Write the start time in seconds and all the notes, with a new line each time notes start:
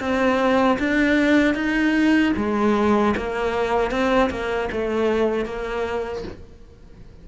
0.00 C4
0.79 D4
1.55 D#4
2.37 G#3
3.17 A#3
3.91 C4
4.30 A#3
4.72 A3
5.45 A#3